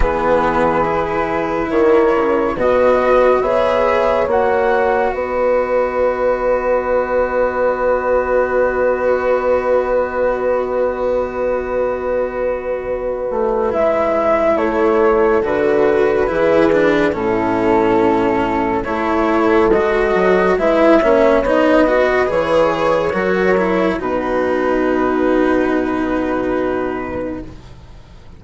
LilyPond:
<<
  \new Staff \with { instrumentName = "flute" } { \time 4/4 \tempo 4 = 70 b'2 cis''4 dis''4 | e''4 fis''4 dis''2~ | dis''1~ | dis''1 |
e''4 cis''4 b'2 | a'2 cis''4 dis''4 | e''4 dis''4 cis''2 | b'1 | }
  \new Staff \with { instrumentName = "horn" } { \time 4/4 gis'2 ais'4 b'4 | cis''2 b'2~ | b'1~ | b'1~ |
b'4 a'2 gis'4 | e'2 a'2 | b'8 cis''4 b'4. ais'4 | fis'1 | }
  \new Staff \with { instrumentName = "cello" } { \time 4/4 b4 e'2 fis'4 | gis'4 fis'2.~ | fis'1~ | fis'1 |
e'2 fis'4 e'8 d'8 | cis'2 e'4 fis'4 | e'8 cis'8 dis'8 fis'8 gis'4 fis'8 e'8 | dis'1 | }
  \new Staff \with { instrumentName = "bassoon" } { \time 4/4 e2 dis8 cis8 b,4 | b4 ais4 b2~ | b1~ | b2.~ b8 a8 |
gis4 a4 d4 e4 | a,2 a4 gis8 fis8 | gis8 ais8 b4 e4 fis4 | b,1 | }
>>